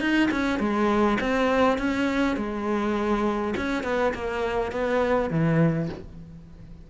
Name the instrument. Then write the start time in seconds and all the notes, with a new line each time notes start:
cello
0.00 D#4
0.31 C#4
0.59 G#3
1.20 C4
1.78 C#4
2.36 G#3
3.56 C#4
3.83 B3
4.14 A#3
4.72 B3
5.30 E3